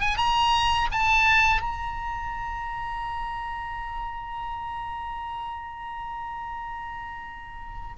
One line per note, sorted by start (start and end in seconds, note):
0.00 0.17 G#5
0.17 0.88 A#5
0.91 1.61 A5
1.61 7.96 A#5